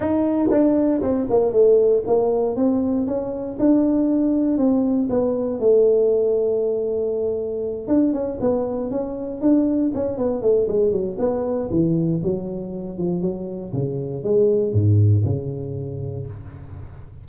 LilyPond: \new Staff \with { instrumentName = "tuba" } { \time 4/4 \tempo 4 = 118 dis'4 d'4 c'8 ais8 a4 | ais4 c'4 cis'4 d'4~ | d'4 c'4 b4 a4~ | a2.~ a8 d'8 |
cis'8 b4 cis'4 d'4 cis'8 | b8 a8 gis8 fis8 b4 e4 | fis4. f8 fis4 cis4 | gis4 gis,4 cis2 | }